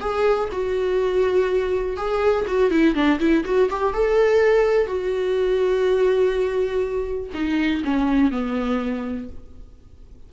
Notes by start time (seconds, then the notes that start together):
0.00 G#4
0.52 F#4
1.96 G#4
2.47 F#4
2.71 E4
2.94 D4
3.19 E4
3.45 F#4
3.69 G4
3.93 A4
4.86 F#4
7.34 D#4
7.84 C#4
8.31 B3